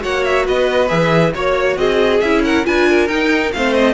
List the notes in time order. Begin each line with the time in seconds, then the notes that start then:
0.00 A#3 F#4 C#5 F#5
0.24 E5
0.45 B3 B4 D#5
0.88 E3 G#4 E5
1.34 A#3 F#4 C#5
1.77 C4 G#4 D#5
2.20 C#4 E4 E5
2.44 A#4 F#5
2.64 D4 F4 B4 G#5
2.89 A#4
3.08 D#4 G5
3.53 A3 C4 C5 F5
3.74 D#5